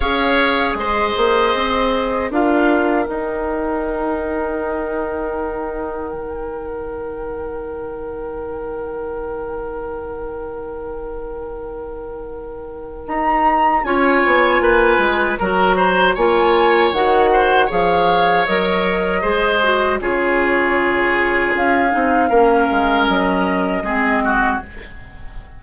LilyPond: <<
  \new Staff \with { instrumentName = "flute" } { \time 4/4 \tempo 4 = 78 f''4 dis''2 f''4 | g''1~ | g''1~ | g''1~ |
g''4 ais''4 gis''2 | ais''4 gis''4 fis''4 f''4 | dis''2 cis''2 | f''2 dis''2 | }
  \new Staff \with { instrumentName = "oboe" } { \time 4/4 cis''4 c''2 ais'4~ | ais'1~ | ais'1~ | ais'1~ |
ais'2 cis''4 b'4 | ais'8 c''8 cis''4. c''8 cis''4~ | cis''4 c''4 gis'2~ | gis'4 ais'2 gis'8 fis'8 | }
  \new Staff \with { instrumentName = "clarinet" } { \time 4/4 gis'2. f'4 | dis'1~ | dis'1~ | dis'1~ |
dis'2 f'2 | fis'4 f'4 fis'4 gis'4 | ais'4 gis'8 fis'8 f'2~ | f'8 dis'8 cis'2 c'4 | }
  \new Staff \with { instrumentName = "bassoon" } { \time 4/4 cis'4 gis8 ais8 c'4 d'4 | dis'1 | dis1~ | dis1~ |
dis4 dis'4 cis'8 b8 ais8 gis8 | fis4 ais4 dis4 f4 | fis4 gis4 cis2 | cis'8 c'8 ais8 gis8 fis4 gis4 | }
>>